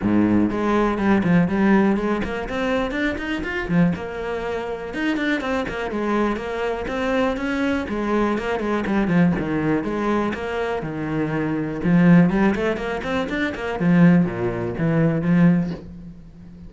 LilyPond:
\new Staff \with { instrumentName = "cello" } { \time 4/4 \tempo 4 = 122 gis,4 gis4 g8 f8 g4 | gis8 ais8 c'4 d'8 dis'8 f'8 f8 | ais2 dis'8 d'8 c'8 ais8 | gis4 ais4 c'4 cis'4 |
gis4 ais8 gis8 g8 f8 dis4 | gis4 ais4 dis2 | f4 g8 a8 ais8 c'8 d'8 ais8 | f4 ais,4 e4 f4 | }